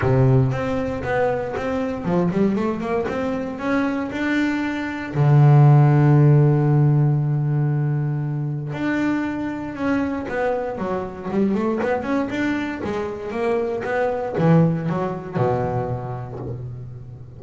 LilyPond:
\new Staff \with { instrumentName = "double bass" } { \time 4/4 \tempo 4 = 117 c4 c'4 b4 c'4 | f8 g8 a8 ais8 c'4 cis'4 | d'2 d2~ | d1~ |
d4 d'2 cis'4 | b4 fis4 g8 a8 b8 cis'8 | d'4 gis4 ais4 b4 | e4 fis4 b,2 | }